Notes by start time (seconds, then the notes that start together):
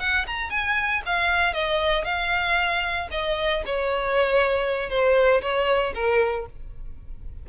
0.00 F#5
0.27 A#5
0.50 G#5
1.06 F5
1.54 D#5
2.05 F5
3.11 D#5
3.66 C#5
4.90 C5
5.42 C#5
5.94 A#4